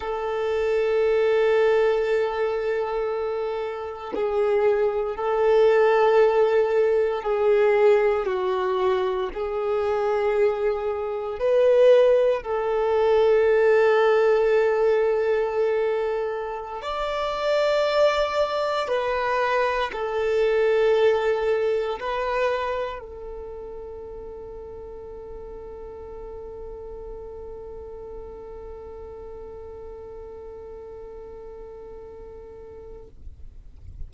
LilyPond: \new Staff \with { instrumentName = "violin" } { \time 4/4 \tempo 4 = 58 a'1 | gis'4 a'2 gis'4 | fis'4 gis'2 b'4 | a'1~ |
a'16 d''2 b'4 a'8.~ | a'4~ a'16 b'4 a'4.~ a'16~ | a'1~ | a'1 | }